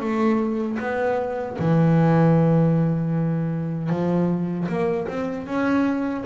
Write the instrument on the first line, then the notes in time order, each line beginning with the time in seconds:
double bass
0.00 A3
0.79 B3
1.59 E3
3.89 F3
4.68 A#3
5.07 C4
5.46 C#4